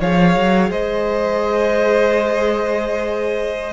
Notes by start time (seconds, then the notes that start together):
0.00 F3 G#4 C#5 F5
0.35 F#3
0.70 G#3 C5 D#5